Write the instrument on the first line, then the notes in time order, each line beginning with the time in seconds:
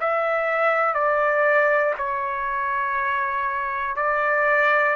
trumpet
0.00 E5
0.94 D5
1.97 C#5
3.96 D5